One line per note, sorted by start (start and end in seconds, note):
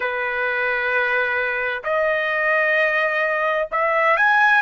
0.00 1.83 B4
1.83 3.68 D#5
3.71 4.17 E5
4.17 4.62 G#5